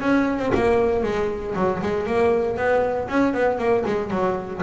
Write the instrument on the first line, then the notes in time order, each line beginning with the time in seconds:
double bass
0.00 C#4
0.38 C4
0.54 A#3
1.03 G#3
1.55 F#3
1.82 G#3
2.06 A#3
2.56 B3
3.08 C#4
3.33 B3
3.58 A#3
3.85 G#3
4.10 F#3